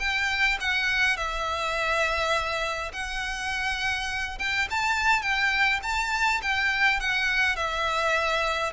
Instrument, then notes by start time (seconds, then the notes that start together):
violin
0.00 G5
0.61 F#5
1.17 E5
2.93 F#5
4.39 G5
4.71 A5
5.22 G5
5.83 A5
6.42 G5
7.00 F#5
7.56 E5